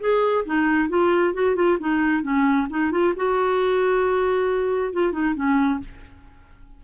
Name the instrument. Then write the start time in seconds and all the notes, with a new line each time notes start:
clarinet
0.00 G#4
0.45 D#4
0.89 F4
1.33 F#4
1.55 F4
1.79 D#4
2.22 C#4
2.69 D#4
2.91 F4
3.16 F#4
4.93 F4
5.12 D#4
5.34 C#4